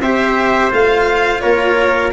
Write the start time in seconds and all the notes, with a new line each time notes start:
0.00 C4 G4 C5 E5
0.70 A3 F4 F5
1.40 A#3 A#4 C#5